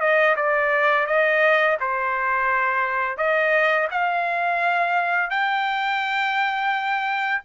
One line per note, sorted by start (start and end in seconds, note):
0.00 0.35 D#5
0.36 1.07 D5
1.07 1.77 D#5
1.80 3.17 C5
3.17 3.88 D#5
3.91 5.30 F5
5.30 7.42 G5